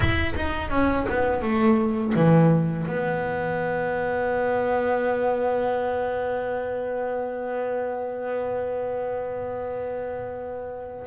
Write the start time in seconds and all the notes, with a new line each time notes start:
0.00 E4
0.35 D#4
0.70 C#4
1.09 B3
1.42 A3
2.15 E3
2.87 B3